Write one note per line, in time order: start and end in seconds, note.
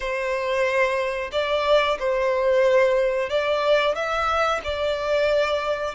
0.00 1.30 C5
1.32 1.98 D5
1.99 3.29 C5
3.29 3.95 D5
3.95 4.61 E5
4.63 5.94 D5